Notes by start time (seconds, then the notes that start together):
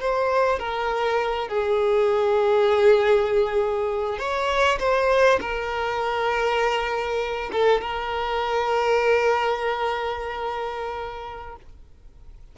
0.00 C5
0.59 A#4
1.48 G#4
4.19 C#5
4.79 C5
5.41 A#4
7.52 A4
7.81 A#4